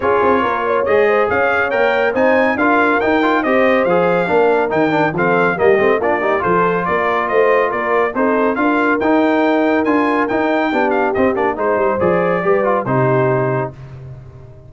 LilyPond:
<<
  \new Staff \with { instrumentName = "trumpet" } { \time 4/4 \tempo 4 = 140 cis''2 dis''4 f''4 | g''4 gis''4 f''4 g''4 | dis''4 f''2 g''4 | f''4 dis''4 d''4 c''4 |
d''4 dis''4 d''4 c''4 | f''4 g''2 gis''4 | g''4. f''8 dis''8 d''8 c''4 | d''2 c''2 | }
  \new Staff \with { instrumentName = "horn" } { \time 4/4 gis'4 ais'8 cis''4 c''8 cis''4~ | cis''4 c''4 ais'2 | c''2 ais'2 | a'4 g'4 f'8 g'8 a'4 |
ais'4 c''4 ais'4 a'4 | ais'1~ | ais'4 g'2 c''4~ | c''4 b'4 g'2 | }
  \new Staff \with { instrumentName = "trombone" } { \time 4/4 f'2 gis'2 | ais'4 dis'4 f'4 dis'8 f'8 | g'4 gis'4 d'4 dis'8 d'8 | c'4 ais8 c'8 d'8 dis'8 f'4~ |
f'2. dis'4 | f'4 dis'2 f'4 | dis'4 d'4 c'8 d'8 dis'4 | gis'4 g'8 f'8 dis'2 | }
  \new Staff \with { instrumentName = "tuba" } { \time 4/4 cis'8 c'8 ais4 gis4 cis'4 | ais4 c'4 d'4 dis'4 | c'4 f4 ais4 dis4 | f4 g8 a8 ais4 f4 |
ais4 a4 ais4 c'4 | d'4 dis'2 d'4 | dis'4 b4 c'8 ais8 gis8 g8 | f4 g4 c2 | }
>>